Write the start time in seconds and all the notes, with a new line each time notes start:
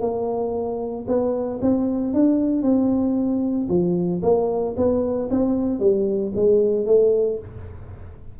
0.00 A#3
1.07 B3
1.61 C4
2.13 D4
2.62 C4
3.69 F3
4.22 A#3
4.76 B3
5.30 C4
5.79 G3
6.35 G#3
6.86 A3